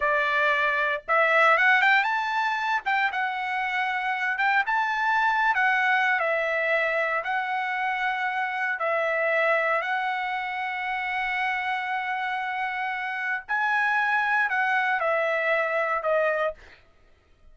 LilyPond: \new Staff \with { instrumentName = "trumpet" } { \time 4/4 \tempo 4 = 116 d''2 e''4 fis''8 g''8 | a''4. g''8 fis''2~ | fis''8 g''8 a''4.~ a''16 fis''4~ fis''16 | e''2 fis''2~ |
fis''4 e''2 fis''4~ | fis''1~ | fis''2 gis''2 | fis''4 e''2 dis''4 | }